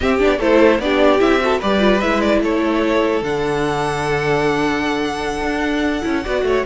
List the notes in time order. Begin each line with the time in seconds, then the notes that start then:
0.00 C4 G4 E5
0.18 B3 D4 D5
0.38 A3 E4 A4 C5
0.79 B3 D4 G4 D5
1.19 C4 E4 E5
1.40 F#4 A4
1.59 G3 G4 B4 D5
1.79 F4
2.01 G#3 E4 E5
2.20 D5
2.41 A3 A4 C#5
3.21 D3 D4 F#5
5.41 D4
6.01 C#4 E4
6.23 B3 F#4 D5
6.43 A3 C#5